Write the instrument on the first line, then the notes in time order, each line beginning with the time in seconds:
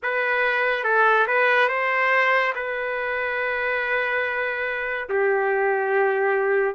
trumpet
0.02 B4
0.84 A4
1.27 B4
1.68 C5
2.55 B4
5.09 G4